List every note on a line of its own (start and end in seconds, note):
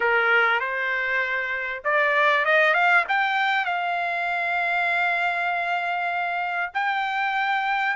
0.00 0.60 A#4
0.60 1.82 C5
1.84 2.45 D5
2.45 2.74 D#5
2.74 3.04 F5
3.08 3.65 G5
3.65 6.71 F5
6.74 7.96 G5